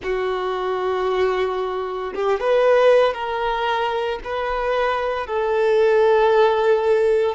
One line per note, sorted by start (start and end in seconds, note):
0.02 2.13 F#4
2.14 2.40 G4
2.40 3.13 B4
3.13 4.19 A#4
4.23 5.26 B4
5.26 7.35 A4